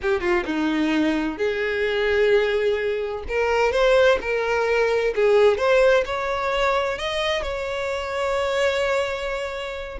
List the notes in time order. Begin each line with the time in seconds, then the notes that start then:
0.01 G4
0.21 F4
0.45 D#4
1.37 G#4
3.28 A#4
3.71 C5
4.21 A#4
5.15 G#4
5.57 C5
6.05 C#5
6.98 D#5
7.42 C#5